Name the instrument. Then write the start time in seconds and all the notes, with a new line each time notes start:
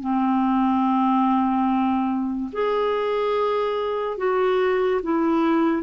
clarinet
0.00 C4
2.52 G#4
4.17 F#4
5.02 E4